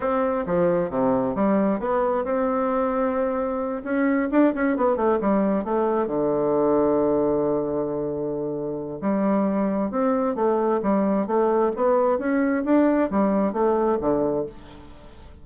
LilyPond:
\new Staff \with { instrumentName = "bassoon" } { \time 4/4 \tempo 4 = 133 c'4 f4 c4 g4 | b4 c'2.~ | c'8 cis'4 d'8 cis'8 b8 a8 g8~ | g8 a4 d2~ d8~ |
d1 | g2 c'4 a4 | g4 a4 b4 cis'4 | d'4 g4 a4 d4 | }